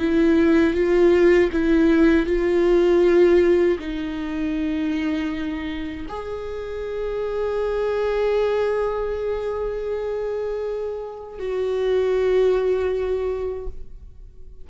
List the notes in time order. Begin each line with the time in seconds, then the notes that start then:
0.00 E4
0.74 F4
1.53 E4
2.26 F4
3.79 D#4
6.09 G#4
11.39 F#4